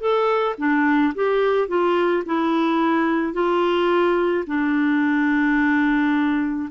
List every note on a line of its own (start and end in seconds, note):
0.00 0.56 A4
0.59 1.14 D4
1.15 1.68 G4
1.68 2.24 F4
2.26 3.33 E4
3.33 4.44 F4
4.47 6.69 D4